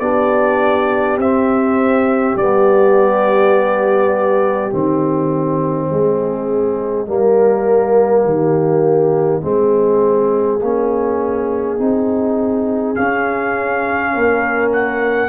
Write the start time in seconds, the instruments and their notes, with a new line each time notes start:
0.00 tuba B3, trombone D4, horn G4, trumpet D5
1.17 tuba C4, trombone C4, trumpet E5
2.36 tuba G3, trombone B3, trumpet D5
4.71 tuba D#3, trombone C4, trumpet D#5
5.90 tuba G#3, horn G#4
7.06 tuba G3, trombone A#3, horn A#4
8.25 tuba D#3, horn G4
9.41 tuba G#3, trombone C4, horn G#4
10.61 tuba A#3, trombone C#4
11.78 tuba C4, trombone D#4
12.95 trombone C#4, tuba C#4, trumpet F5
14.13 tuba A#3, horn A#4
14.73 trumpet F#5